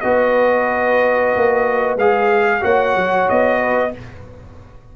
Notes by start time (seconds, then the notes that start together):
0.00 B3 F#4 B4 D#5
1.36 A#3
1.96 G#3 G#4 F5
2.61 A#3 F#4 C#5 F#5
2.95 F#3
3.29 B3 D#5
3.59 B4